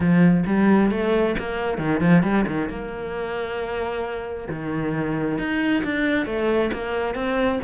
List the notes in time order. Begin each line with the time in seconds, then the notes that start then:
0.00 F3
0.46 G3
0.90 A3
1.39 A#3
1.77 D#3
2.00 F3
2.23 G3
2.47 D#3
2.69 A#3
4.49 D#3
5.38 D#4
5.84 D4
6.26 A3
6.72 A#3
7.14 C4